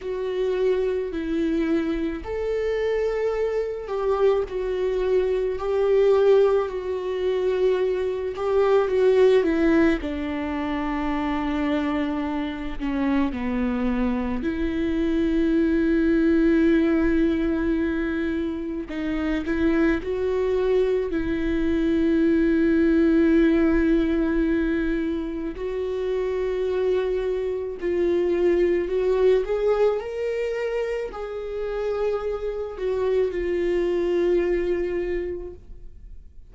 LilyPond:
\new Staff \with { instrumentName = "viola" } { \time 4/4 \tempo 4 = 54 fis'4 e'4 a'4. g'8 | fis'4 g'4 fis'4. g'8 | fis'8 e'8 d'2~ d'8 cis'8 | b4 e'2.~ |
e'4 dis'8 e'8 fis'4 e'4~ | e'2. fis'4~ | fis'4 f'4 fis'8 gis'8 ais'4 | gis'4. fis'8 f'2 | }